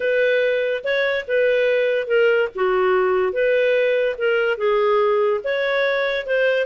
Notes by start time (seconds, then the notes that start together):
0.00 B4
0.84 C#5
1.27 B4
2.07 A#4
2.55 F#4
3.32 B4
4.17 A#4
4.57 G#4
5.44 C#5
6.26 C5